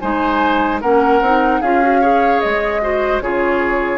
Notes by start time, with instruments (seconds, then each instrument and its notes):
0.00 bassoon G#3, clarinet D#4, oboe C5, flute G#5
0.81 bassoon A#3, clarinet C#4, oboe A#4, flute F#5
1.21 bassoon C4, clarinet D#4
1.61 bassoon C#4, clarinet F4, oboe G#4, flute F5
1.82 clarinet F#4
2.01 clarinet G#4, oboe C#5
2.41 bassoon G#3, flute D#5
2.82 clarinet F#4, oboe C5
3.21 bassoon C#3, clarinet F4, oboe G#4, flute C#5